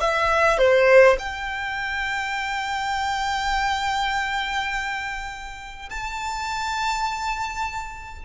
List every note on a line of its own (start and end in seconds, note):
0.00 0.58 E5
0.58 1.17 C5
1.19 5.89 G5
5.89 8.25 A5